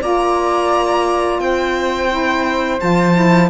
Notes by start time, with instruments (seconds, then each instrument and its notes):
0.00 cello A#3, saxophone F4, flute D5, violin A#5
1.39 cello C4, flute C5, violin G5
2.08 saxophone E4
2.79 cello F3, saxophone F4, violin A5
3.13 saxophone E4